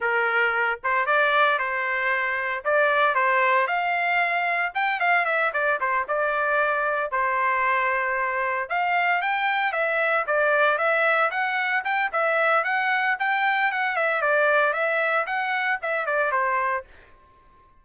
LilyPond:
\new Staff \with { instrumentName = "trumpet" } { \time 4/4 \tempo 4 = 114 ais'4. c''8 d''4 c''4~ | c''4 d''4 c''4 f''4~ | f''4 g''8 f''8 e''8 d''8 c''8 d''8~ | d''4. c''2~ c''8~ |
c''8 f''4 g''4 e''4 d''8~ | d''8 e''4 fis''4 g''8 e''4 | fis''4 g''4 fis''8 e''8 d''4 | e''4 fis''4 e''8 d''8 c''4 | }